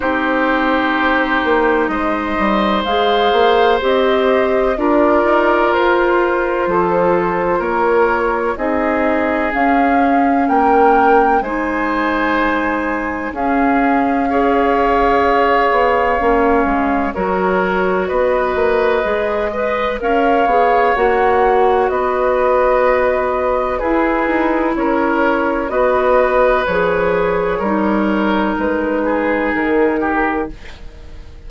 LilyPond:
<<
  \new Staff \with { instrumentName = "flute" } { \time 4/4 \tempo 4 = 63 c''2 dis''4 f''4 | dis''4 d''4 c''2 | cis''4 dis''4 f''4 g''4 | gis''2 f''2~ |
f''2 cis''4 dis''4~ | dis''4 f''4 fis''4 dis''4~ | dis''4 b'4 cis''4 dis''4 | cis''2 b'4 ais'4 | }
  \new Staff \with { instrumentName = "oboe" } { \time 4/4 g'2 c''2~ | c''4 ais'2 a'4 | ais'4 gis'2 ais'4 | c''2 gis'4 cis''4~ |
cis''2 ais'4 b'4~ | b'8 dis''8 cis''2 b'4~ | b'4 gis'4 ais'4 b'4~ | b'4 ais'4. gis'4 g'8 | }
  \new Staff \with { instrumentName = "clarinet" } { \time 4/4 dis'2. gis'4 | g'4 f'2.~ | f'4 dis'4 cis'2 | dis'2 cis'4 gis'4~ |
gis'4 cis'4 fis'2 | gis'8 b'8 ais'8 gis'8 fis'2~ | fis'4 e'2 fis'4 | gis'4 dis'2. | }
  \new Staff \with { instrumentName = "bassoon" } { \time 4/4 c'4. ais8 gis8 g8 gis8 ais8 | c'4 d'8 dis'8 f'4 f4 | ais4 c'4 cis'4 ais4 | gis2 cis'2~ |
cis'8 b8 ais8 gis8 fis4 b8 ais8 | gis4 cis'8 b8 ais4 b4~ | b4 e'8 dis'8 cis'4 b4 | f4 g4 gis4 dis4 | }
>>